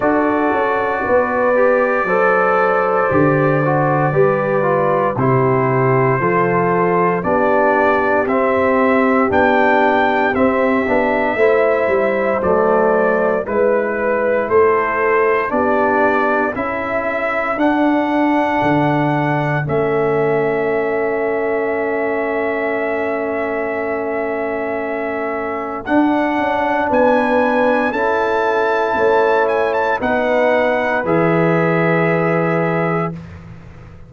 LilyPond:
<<
  \new Staff \with { instrumentName = "trumpet" } { \time 4/4 \tempo 4 = 58 d''1~ | d''4 c''2 d''4 | e''4 g''4 e''2 | d''4 b'4 c''4 d''4 |
e''4 fis''2 e''4~ | e''1~ | e''4 fis''4 gis''4 a''4~ | a''8 gis''16 a''16 fis''4 e''2 | }
  \new Staff \with { instrumentName = "horn" } { \time 4/4 a'4 b'4 c''2 | b'4 g'4 a'4 g'4~ | g'2. c''4~ | c''4 b'4 a'4 g'4 |
a'1~ | a'1~ | a'2 b'4 a'4 | cis''4 b'2. | }
  \new Staff \with { instrumentName = "trombone" } { \time 4/4 fis'4. g'8 a'4 g'8 fis'8 | g'8 f'8 e'4 f'4 d'4 | c'4 d'4 c'8 d'8 e'4 | a4 e'2 d'4 |
e'4 d'2 cis'4~ | cis'1~ | cis'4 d'2 e'4~ | e'4 dis'4 gis'2 | }
  \new Staff \with { instrumentName = "tuba" } { \time 4/4 d'8 cis'8 b4 fis4 d4 | g4 c4 f4 b4 | c'4 b4 c'8 b8 a8 g8 | fis4 gis4 a4 b4 |
cis'4 d'4 d4 a4~ | a1~ | a4 d'8 cis'8 b4 cis'4 | a4 b4 e2 | }
>>